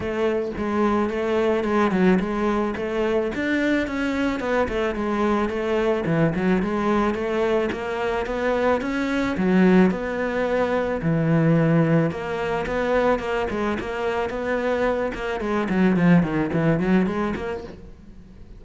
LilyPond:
\new Staff \with { instrumentName = "cello" } { \time 4/4 \tempo 4 = 109 a4 gis4 a4 gis8 fis8 | gis4 a4 d'4 cis'4 | b8 a8 gis4 a4 e8 fis8 | gis4 a4 ais4 b4 |
cis'4 fis4 b2 | e2 ais4 b4 | ais8 gis8 ais4 b4. ais8 | gis8 fis8 f8 dis8 e8 fis8 gis8 ais8 | }